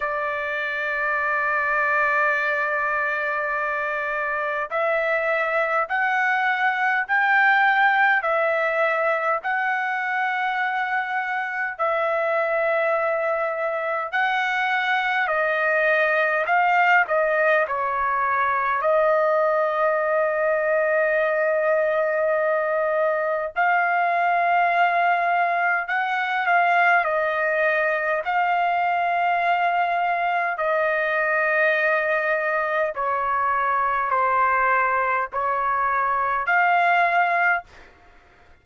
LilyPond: \new Staff \with { instrumentName = "trumpet" } { \time 4/4 \tempo 4 = 51 d''1 | e''4 fis''4 g''4 e''4 | fis''2 e''2 | fis''4 dis''4 f''8 dis''8 cis''4 |
dis''1 | f''2 fis''8 f''8 dis''4 | f''2 dis''2 | cis''4 c''4 cis''4 f''4 | }